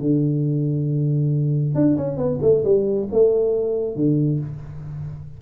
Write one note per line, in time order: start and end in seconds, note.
0.00 1.75 D3
1.75 1.97 D4
1.97 2.17 C#4
2.17 2.39 B3
2.42 2.64 A3
2.64 3.08 G3
3.12 3.95 A3
3.95 4.40 D3